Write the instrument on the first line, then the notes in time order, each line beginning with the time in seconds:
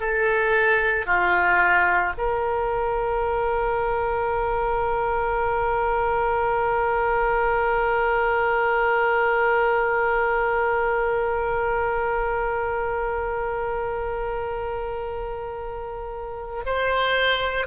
oboe
0.00 A4
1.06 F4
2.17 A#4
16.66 C5